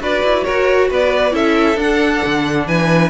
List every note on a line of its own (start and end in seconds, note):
0.00 0.23 D4
0.00 1.31 F#4
0.00 0.45 B4
0.00 0.44 D5
0.24 0.46 E4
0.44 0.91 F#4
0.44 0.89 A#4
0.44 0.89 C#5
0.90 1.33 B3
0.90 1.34 B4
0.90 1.35 D5
1.31 1.77 C#4
1.31 1.75 E4
1.31 2.67 A4
1.31 1.79 E5
1.77 2.21 D4
1.77 3.10 D4
1.77 2.68 F#5
2.26 2.67 D3
2.67 3.10 E3
2.67 3.10 B4
2.67 3.10 G#5